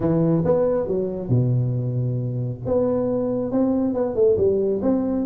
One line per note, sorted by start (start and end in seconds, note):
0.00 0.44 E3
0.44 0.87 B3
0.87 1.29 F#3
1.29 2.60 B2
2.65 3.51 B3
3.51 3.93 C4
3.93 4.15 B3
4.15 4.37 A3
4.37 4.81 G3
4.82 5.25 C4